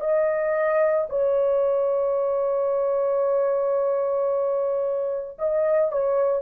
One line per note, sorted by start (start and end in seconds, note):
0.00 1.07 D#5
1.09 5.38 C#5
5.38 5.92 D#5
5.92 6.42 C#5